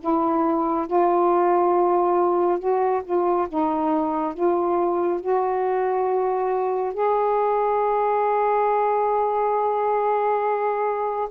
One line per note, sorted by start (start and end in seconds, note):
0.00 0.87 E4
0.87 2.59 F4
2.59 3.02 F#4
3.04 3.48 F4
3.49 4.34 D#4
4.34 5.21 F4
5.21 6.94 F#4
6.94 11.29 G#4